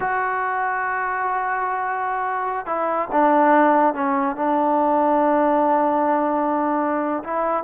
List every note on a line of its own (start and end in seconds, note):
0.00 2.65 F#4
2.65 3.08 E4
3.12 3.94 D4
3.94 4.36 C#4
4.36 7.23 D4
7.23 7.63 E4